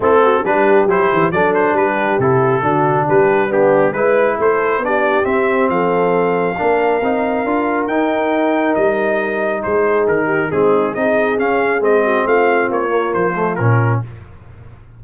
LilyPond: <<
  \new Staff \with { instrumentName = "trumpet" } { \time 4/4 \tempo 4 = 137 a'4 b'4 c''4 d''8 c''8 | b'4 a'2 b'4 | g'4 b'4 c''4 d''4 | e''4 f''2.~ |
f''2 g''2 | dis''2 c''4 ais'4 | gis'4 dis''4 f''4 dis''4 | f''4 cis''4 c''4 ais'4 | }
  \new Staff \with { instrumentName = "horn" } { \time 4/4 e'8 fis'8 g'2 a'4 | g'2 fis'4 g'4 | d'4 b'4 a'4 g'4~ | g'4 a'2 ais'4~ |
ais'1~ | ais'2 gis'4. g'8 | dis'4 gis'2~ gis'8 fis'8 | f'1 | }
  \new Staff \with { instrumentName = "trombone" } { \time 4/4 c'4 d'4 e'4 d'4~ | d'4 e'4 d'2 | b4 e'2 d'4 | c'2. d'4 |
dis'4 f'4 dis'2~ | dis'1 | c'4 dis'4 cis'4 c'4~ | c'4. ais4 a8 cis'4 | }
  \new Staff \with { instrumentName = "tuba" } { \time 4/4 a4 g4 fis8 e8 fis4 | g4 c4 d4 g4~ | g4 gis4 a4 b4 | c'4 f2 ais4 |
c'4 d'4 dis'2 | g2 gis4 dis4 | gis4 c'4 cis'4 gis4 | a4 ais4 f4 ais,4 | }
>>